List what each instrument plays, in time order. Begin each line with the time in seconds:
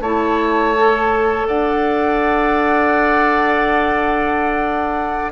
0.00 bassoon A3, clarinet E4, oboe C#5, flute A5
0.75 clarinet A4
1.47 bassoon D4, oboe D5, flute F#5